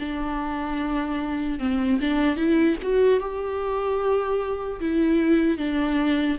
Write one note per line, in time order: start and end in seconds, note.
0.00 1.60 D4
1.60 2.00 C4
2.01 2.37 D4
2.37 2.77 E4
2.83 3.20 F#4
3.20 4.80 G4
4.81 5.58 E4
5.58 6.38 D4